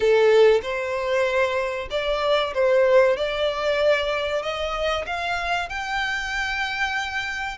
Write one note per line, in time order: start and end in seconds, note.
0.00 0.61 A4
0.62 1.88 C5
1.90 2.53 D5
2.53 3.16 C5
3.16 4.42 D5
4.42 5.05 D#5
5.06 5.69 F5
5.69 7.57 G5